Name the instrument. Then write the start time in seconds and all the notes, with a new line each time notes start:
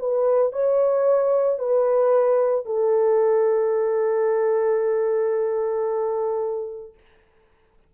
horn
0.00 B4
0.53 C#5
1.59 B4
2.66 A4